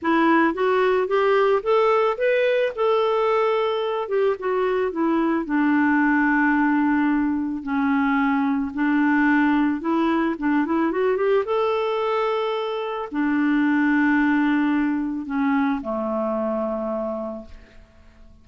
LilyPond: \new Staff \with { instrumentName = "clarinet" } { \time 4/4 \tempo 4 = 110 e'4 fis'4 g'4 a'4 | b'4 a'2~ a'8 g'8 | fis'4 e'4 d'2~ | d'2 cis'2 |
d'2 e'4 d'8 e'8 | fis'8 g'8 a'2. | d'1 | cis'4 a2. | }